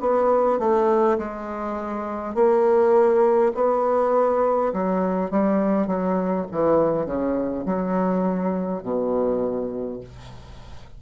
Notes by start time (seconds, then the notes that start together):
0.00 B3
0.59 A3
1.18 G#3
2.35 A#3
3.55 B3
4.73 F#3
5.30 G3
5.87 F#3
6.51 E3
7.06 C#3
7.65 F#3
8.82 B2